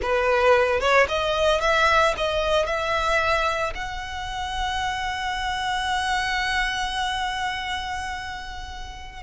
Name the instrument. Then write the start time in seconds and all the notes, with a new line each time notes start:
violin
0.02 B4
0.80 C#5
1.08 D#5
1.60 E5
2.17 D#5
2.66 E5
3.74 F#5